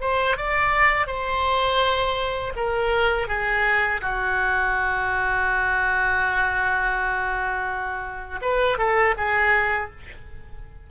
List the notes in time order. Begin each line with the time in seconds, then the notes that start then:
0.00 C5
0.36 D5
1.06 C5
2.56 A#4
3.27 G#4
4.01 F#4
8.41 B4
8.78 A4
9.17 G#4